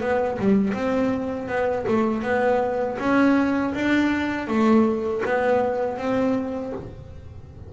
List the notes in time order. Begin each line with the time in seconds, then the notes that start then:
0.00 B3
0.39 G3
0.73 C4
1.48 B3
1.87 A3
2.22 B3
2.98 C#4
3.74 D4
4.47 A3
5.25 B3
5.98 C4